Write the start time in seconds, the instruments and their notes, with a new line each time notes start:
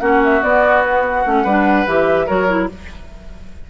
0.00 bassoon A#3, clarinet C#4, oboe F#4, flute F#5
0.24 flute E5
0.41 clarinet B3, bassoon B3, flute D5
0.84 flute B4
1.06 flute F#5
1.25 bassoon A3, clarinet C#4
1.44 bassoon G3, clarinet D4, oboe B4
1.86 bassoon E3, clarinet G4, flute E5
2.26 bassoon F#3, clarinet F#4, oboe A#4, flute C#5
2.48 clarinet E4